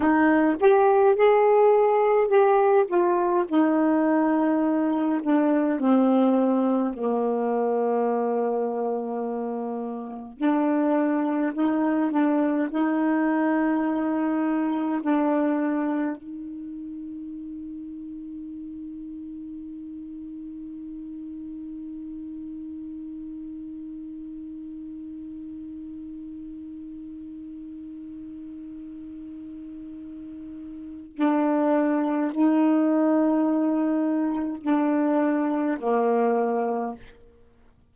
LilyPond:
\new Staff \with { instrumentName = "saxophone" } { \time 4/4 \tempo 4 = 52 dis'8 g'8 gis'4 g'8 f'8 dis'4~ | dis'8 d'8 c'4 ais2~ | ais4 d'4 dis'8 d'8 dis'4~ | dis'4 d'4 dis'2~ |
dis'1~ | dis'1~ | dis'2. d'4 | dis'2 d'4 ais4 | }